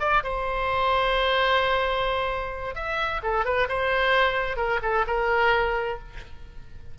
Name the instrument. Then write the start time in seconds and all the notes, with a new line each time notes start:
oboe
0.00 D5
0.24 C5
2.75 E5
3.23 A4
3.45 B4
3.69 C5
4.57 A#4
4.82 A4
5.07 A#4